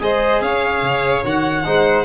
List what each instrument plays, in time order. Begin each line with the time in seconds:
0.00 tuba G#3, trombone G#4, violin C5 D#5
0.41 tuba C#4, violin C#5 F5
0.82 tuba C#3
1.24 tuba D#3, trombone F#4, violin F#5
1.64 tuba G#3, trombone D#4, violin C5